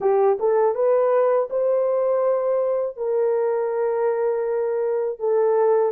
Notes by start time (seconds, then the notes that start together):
0.00 G4
0.39 A4
0.74 B4
1.49 C5
2.96 A#4
5.19 A4